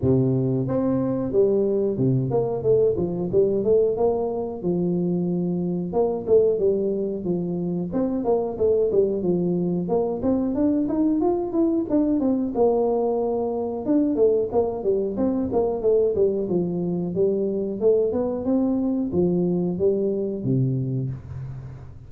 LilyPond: \new Staff \with { instrumentName = "tuba" } { \time 4/4 \tempo 4 = 91 c4 c'4 g4 c8 ais8 | a8 f8 g8 a8 ais4 f4~ | f4 ais8 a8 g4 f4 | c'8 ais8 a8 g8 f4 ais8 c'8 |
d'8 dis'8 f'8 e'8 d'8 c'8 ais4~ | ais4 d'8 a8 ais8 g8 c'8 ais8 | a8 g8 f4 g4 a8 b8 | c'4 f4 g4 c4 | }